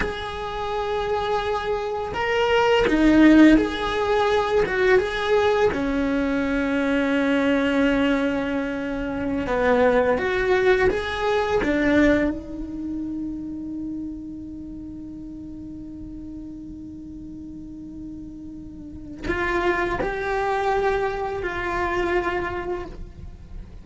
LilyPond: \new Staff \with { instrumentName = "cello" } { \time 4/4 \tempo 4 = 84 gis'2. ais'4 | dis'4 gis'4. fis'8 gis'4 | cis'1~ | cis'4~ cis'16 b4 fis'4 gis'8.~ |
gis'16 d'4 dis'2~ dis'8.~ | dis'1~ | dis'2. f'4 | g'2 f'2 | }